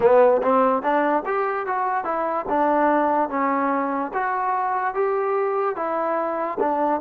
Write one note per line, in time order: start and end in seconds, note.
0.00 0.41 B3
0.42 0.82 C4
0.82 1.23 D4
1.26 1.66 G4
1.66 2.04 F#4
2.04 2.45 E4
2.48 3.29 D4
3.29 4.11 C#4
4.13 4.94 F#4
4.94 5.75 G4
5.75 6.58 E4
6.59 7.00 D4